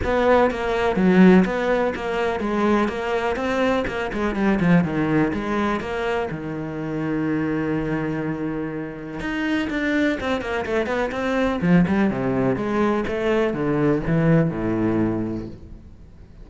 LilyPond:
\new Staff \with { instrumentName = "cello" } { \time 4/4 \tempo 4 = 124 b4 ais4 fis4 b4 | ais4 gis4 ais4 c'4 | ais8 gis8 g8 f8 dis4 gis4 | ais4 dis2.~ |
dis2. dis'4 | d'4 c'8 ais8 a8 b8 c'4 | f8 g8 c4 gis4 a4 | d4 e4 a,2 | }